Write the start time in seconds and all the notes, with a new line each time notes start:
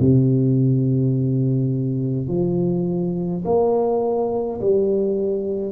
0.00 C3
2.28 F3
3.45 A#3
4.61 G3